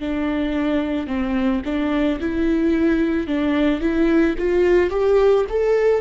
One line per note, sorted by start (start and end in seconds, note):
0.00 1.07 D4
1.07 1.62 C4
1.65 2.20 D4
2.21 3.27 E4
3.27 3.81 D4
3.81 4.35 E4
4.38 4.90 F4
4.90 5.45 G4
5.49 6.01 A4